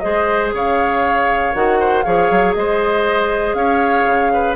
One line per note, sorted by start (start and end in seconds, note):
0.00 0.54 G#3
0.00 1.54 G#4
0.00 0.55 C5
0.00 0.50 D#5
0.54 1.55 C#3
0.54 1.80 C#5
0.54 1.55 F5
1.55 2.05 D#3
1.55 2.05 F#4
1.55 2.03 F#5
1.80 2.05 C5
2.03 2.31 F3
2.03 4.57 G#4
2.03 2.56 C#5
2.03 2.54 F5
2.31 2.56 F#3
2.54 3.55 G#3
2.54 3.57 C5
2.54 3.55 D#5
3.55 4.05 C#4
3.55 4.33 C#5
3.55 4.55 F5
4.05 4.56 C#3
4.34 4.57 B4